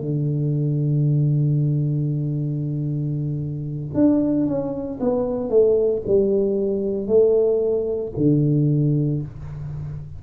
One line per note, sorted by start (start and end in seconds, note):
0.00 3.94 D3
3.94 4.46 D4
4.46 4.99 C#4
5.00 5.49 B3
5.49 6.02 A3
6.07 7.07 G3
7.07 8.12 A3
8.16 9.22 D3